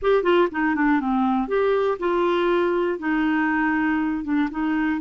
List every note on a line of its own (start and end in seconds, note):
0.01 0.22 G4
0.22 0.47 F4
0.51 0.75 D#4
0.75 1.00 D4
1.00 1.47 C4
1.47 1.97 G4
1.99 2.98 F4
2.98 4.23 D#4
4.24 4.49 D4
4.50 5.00 D#4